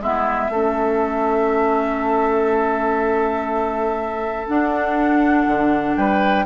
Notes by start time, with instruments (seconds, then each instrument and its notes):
0.00 bassoon G#3, clarinet B3, oboe E4, flute E5
0.49 bassoon A3, clarinet C#4, oboe A4
4.48 clarinet D4, bassoon D4, flute F#5
5.47 bassoon D3
5.96 bassoon G3, oboe B4, flute G5